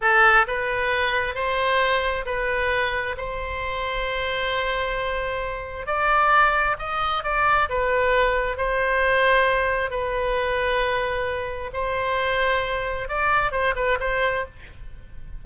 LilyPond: \new Staff \with { instrumentName = "oboe" } { \time 4/4 \tempo 4 = 133 a'4 b'2 c''4~ | c''4 b'2 c''4~ | c''1~ | c''4 d''2 dis''4 |
d''4 b'2 c''4~ | c''2 b'2~ | b'2 c''2~ | c''4 d''4 c''8 b'8 c''4 | }